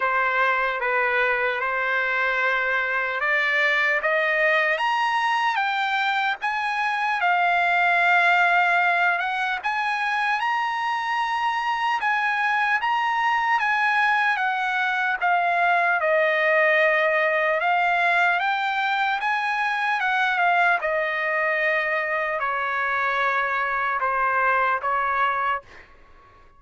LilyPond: \new Staff \with { instrumentName = "trumpet" } { \time 4/4 \tempo 4 = 75 c''4 b'4 c''2 | d''4 dis''4 ais''4 g''4 | gis''4 f''2~ f''8 fis''8 | gis''4 ais''2 gis''4 |
ais''4 gis''4 fis''4 f''4 | dis''2 f''4 g''4 | gis''4 fis''8 f''8 dis''2 | cis''2 c''4 cis''4 | }